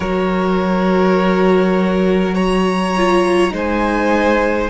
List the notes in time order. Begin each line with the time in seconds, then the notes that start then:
0.00 F#3 F#4 A#4 C#5
2.35 C#5 A#5
2.96 F4
3.50 G#3 D#4 C5 G#5